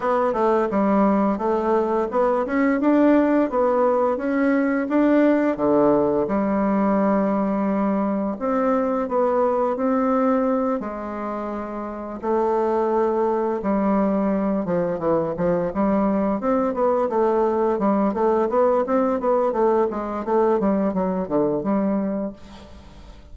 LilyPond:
\new Staff \with { instrumentName = "bassoon" } { \time 4/4 \tempo 4 = 86 b8 a8 g4 a4 b8 cis'8 | d'4 b4 cis'4 d'4 | d4 g2. | c'4 b4 c'4. gis8~ |
gis4. a2 g8~ | g4 f8 e8 f8 g4 c'8 | b8 a4 g8 a8 b8 c'8 b8 | a8 gis8 a8 g8 fis8 d8 g4 | }